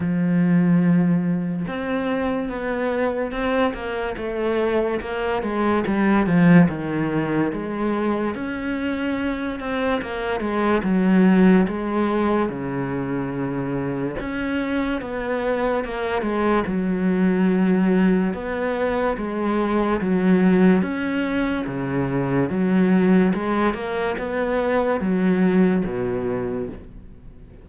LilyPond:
\new Staff \with { instrumentName = "cello" } { \time 4/4 \tempo 4 = 72 f2 c'4 b4 | c'8 ais8 a4 ais8 gis8 g8 f8 | dis4 gis4 cis'4. c'8 | ais8 gis8 fis4 gis4 cis4~ |
cis4 cis'4 b4 ais8 gis8 | fis2 b4 gis4 | fis4 cis'4 cis4 fis4 | gis8 ais8 b4 fis4 b,4 | }